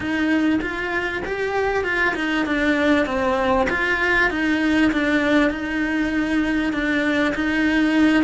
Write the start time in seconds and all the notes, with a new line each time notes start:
0.00 D#4
0.61 F4
1.25 G4
1.84 F4
2.15 D#4
2.46 D4
3.06 C4
3.69 F4
4.30 D#4
4.91 D4
5.50 D#4
6.72 D4
7.34 D#4